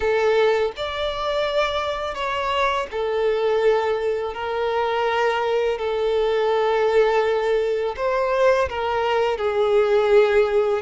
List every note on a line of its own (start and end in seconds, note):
0.00 0.72 A4
0.76 2.14 D5
2.14 2.87 C#5
2.91 4.33 A4
4.33 5.78 A#4
5.78 7.95 A4
7.96 8.68 C5
8.69 9.37 A#4
9.37 10.82 G#4